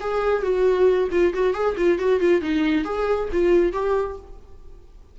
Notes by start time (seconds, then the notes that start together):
0.00 G#4
0.42 F#4
1.11 F4
1.34 F#4
1.54 G#4
1.77 F4
1.98 F#4
2.20 F4
2.41 D#4
2.84 G#4
3.32 F4
3.72 G4